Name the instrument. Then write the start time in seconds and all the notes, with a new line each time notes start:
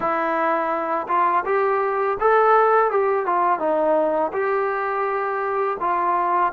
trombone
0.00 E4
1.07 F4
1.45 G4
2.19 A4
2.90 G4
3.25 F4
3.59 D#4
4.32 G4
5.80 F4